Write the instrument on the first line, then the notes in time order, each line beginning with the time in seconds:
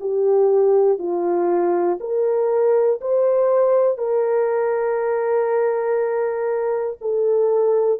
horn
0.00 G4
0.99 F4
2.00 A#4
3.01 C5
3.98 A#4
7.01 A4